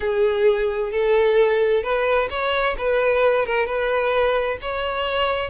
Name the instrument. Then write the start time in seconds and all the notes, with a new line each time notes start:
violin
0.00 G#4
0.91 A4
1.83 B4
2.30 C#5
2.78 B4
3.45 A#4
3.65 B4
4.61 C#5